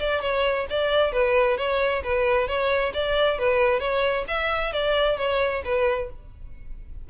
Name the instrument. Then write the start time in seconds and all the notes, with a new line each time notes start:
violin
0.00 D5
0.22 C#5
0.70 D5
1.13 B4
1.58 C#5
2.04 B4
2.48 C#5
2.94 D5
3.39 B4
3.80 C#5
4.28 E5
4.73 D5
5.18 C#5
5.65 B4